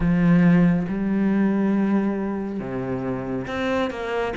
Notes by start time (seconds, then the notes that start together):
0.00 F3
0.88 G3
2.59 C3
3.47 C4
3.90 A#3